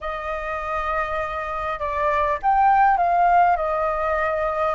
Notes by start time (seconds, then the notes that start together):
0.01 D#5
1.79 D5
2.42 G5
2.97 F5
3.56 D#5